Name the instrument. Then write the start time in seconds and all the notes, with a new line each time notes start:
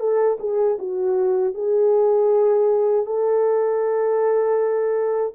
horn
0.00 A4
0.40 G#4
0.79 F#4
1.55 G#4
3.06 A4